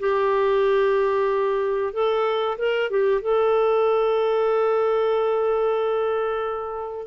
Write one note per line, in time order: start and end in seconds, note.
0.00 1.94 G4
1.94 2.58 A4
2.58 2.91 A#4
2.91 3.22 G4
3.22 7.08 A4